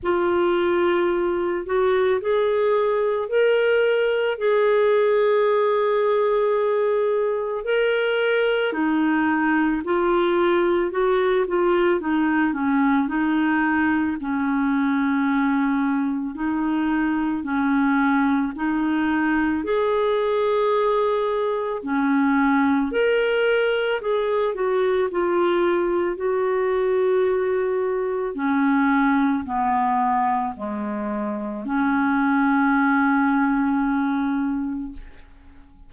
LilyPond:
\new Staff \with { instrumentName = "clarinet" } { \time 4/4 \tempo 4 = 55 f'4. fis'8 gis'4 ais'4 | gis'2. ais'4 | dis'4 f'4 fis'8 f'8 dis'8 cis'8 | dis'4 cis'2 dis'4 |
cis'4 dis'4 gis'2 | cis'4 ais'4 gis'8 fis'8 f'4 | fis'2 cis'4 b4 | gis4 cis'2. | }